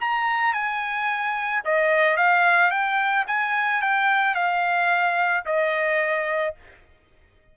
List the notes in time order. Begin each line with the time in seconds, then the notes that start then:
0.00 A#5
0.53 G#5
1.64 D#5
2.17 F5
2.70 G5
3.27 G#5
3.81 G5
4.35 F5
5.45 D#5